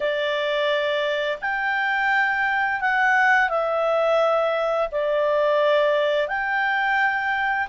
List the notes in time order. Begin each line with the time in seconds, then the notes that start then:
0.00 D5
1.41 G5
2.80 F#5
3.49 E5
4.91 D5
6.28 G5